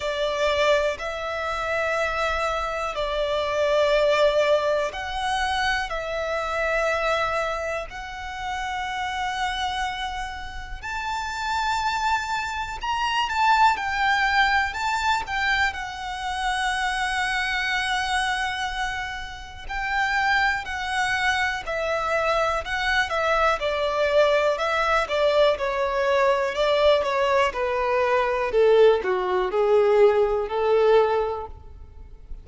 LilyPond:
\new Staff \with { instrumentName = "violin" } { \time 4/4 \tempo 4 = 61 d''4 e''2 d''4~ | d''4 fis''4 e''2 | fis''2. a''4~ | a''4 ais''8 a''8 g''4 a''8 g''8 |
fis''1 | g''4 fis''4 e''4 fis''8 e''8 | d''4 e''8 d''8 cis''4 d''8 cis''8 | b'4 a'8 fis'8 gis'4 a'4 | }